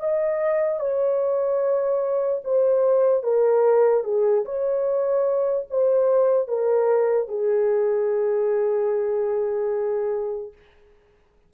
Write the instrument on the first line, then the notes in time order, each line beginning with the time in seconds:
horn
0.00 D#5
0.80 C#5
2.45 C5
3.24 A#4
4.04 G#4
4.46 C#5
5.71 C5
6.48 A#4
7.29 G#4